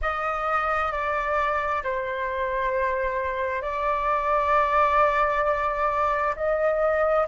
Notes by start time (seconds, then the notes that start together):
0.01 D#5
0.91 D5
1.83 C5
3.62 D5
6.36 D#5